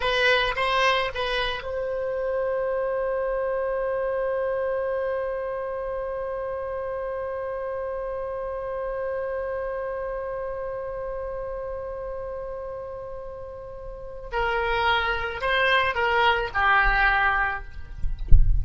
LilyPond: \new Staff \with { instrumentName = "oboe" } { \time 4/4 \tempo 4 = 109 b'4 c''4 b'4 c''4~ | c''1~ | c''1~ | c''1~ |
c''1~ | c''1~ | c''2 ais'2 | c''4 ais'4 g'2 | }